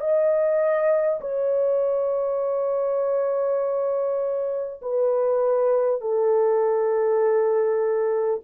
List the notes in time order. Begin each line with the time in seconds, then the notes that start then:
0.00 D#5
1.20 C#5
4.81 B4
6.01 A4